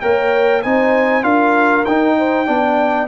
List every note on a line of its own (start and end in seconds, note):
0.00 0.64 A#3
0.00 0.62 A#4
0.00 0.62 C#5
0.00 0.61 G5
0.62 1.23 C4
0.62 1.22 D#4
0.62 1.23 C5
0.62 1.23 G#5
1.22 1.84 D4
1.22 1.84 F4
1.22 2.15 A#4
1.22 1.84 F5
1.85 2.48 D#4
1.85 2.46 D#4
1.85 3.07 G5
2.17 2.46 C5
2.46 3.07 B3
2.46 3.07 D4
2.46 3.07 D5